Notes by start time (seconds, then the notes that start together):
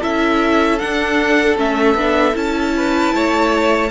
0.00 C#4 E4 A4 E5
0.79 D4 F#5
1.57 A3 C#4 E5
1.94 B3 D4
2.33 C#4 E4 A5
2.76 B4
3.14 A3 C#5